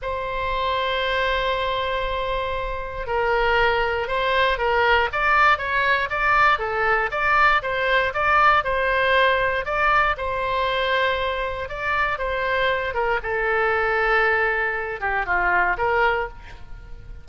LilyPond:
\new Staff \with { instrumentName = "oboe" } { \time 4/4 \tempo 4 = 118 c''1~ | c''2 ais'2 | c''4 ais'4 d''4 cis''4 | d''4 a'4 d''4 c''4 |
d''4 c''2 d''4 | c''2. d''4 | c''4. ais'8 a'2~ | a'4. g'8 f'4 ais'4 | }